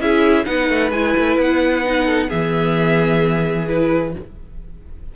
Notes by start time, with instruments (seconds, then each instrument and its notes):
0.00 cello C#4, viola E4, violin G#4 E5
0.45 cello B3, viola D#4, violin B4 F#5
0.70 cello A3
0.91 cello G#3, viola E4, violin G#5
1.17 cello A3
1.38 cello B3, violin F#5
1.84 viola D#4
2.05 violin A4
2.28 cello E3, viola B3, violin G#4 E5
3.67 viola E4, violin B4